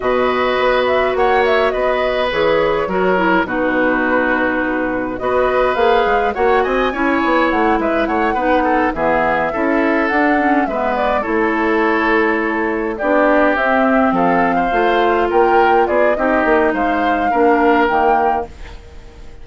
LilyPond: <<
  \new Staff \with { instrumentName = "flute" } { \time 4/4 \tempo 4 = 104 dis''4. e''8 fis''8 e''8 dis''4 | cis''2 b'2~ | b'4 dis''4 f''4 fis''8 gis''8~ | gis''4 fis''8 e''8 fis''4. e''8~ |
e''4. fis''4 e''8 d''8 cis''8~ | cis''2~ cis''8 d''4 e''8~ | e''8 f''2 g''4 d''8 | dis''4 f''2 g''4 | }
  \new Staff \with { instrumentName = "oboe" } { \time 4/4 b'2 cis''4 b'4~ | b'4 ais'4 fis'2~ | fis'4 b'2 cis''8 dis''8 | cis''4. b'8 cis''8 b'8 a'8 gis'8~ |
gis'8 a'2 b'4 a'8~ | a'2~ a'8 g'4.~ | g'8 a'8. c''4~ c''16 ais'4 gis'8 | g'4 c''4 ais'2 | }
  \new Staff \with { instrumentName = "clarinet" } { \time 4/4 fis'1 | gis'4 fis'8 e'8 dis'2~ | dis'4 fis'4 gis'4 fis'4 | e'2~ e'8 dis'4 b8~ |
b8 e'4 d'8 cis'8 b4 e'8~ | e'2~ e'8 d'4 c'8~ | c'4. f'2~ f'8 | dis'2 d'4 ais4 | }
  \new Staff \with { instrumentName = "bassoon" } { \time 4/4 b,4 b4 ais4 b4 | e4 fis4 b,2~ | b,4 b4 ais8 gis8 ais8 c'8 | cis'8 b8 a8 gis8 a8 b4 e8~ |
e8 cis'4 d'4 gis4 a8~ | a2~ a8 b4 c'8~ | c'8 f4 a4 ais4 b8 | c'8 ais8 gis4 ais4 dis4 | }
>>